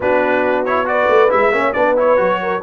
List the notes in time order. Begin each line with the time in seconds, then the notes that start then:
0.00 B3 D4 F#4 B4
0.65 E4 C#5
0.85 F#4 B4 D5
1.08 A3
1.29 G#3 E4 E5
1.52 A#3 C#4 C#5
1.72 B3 D4 B4 D5
1.96 E4 C#5
2.16 F#3 F#4
2.41 A#4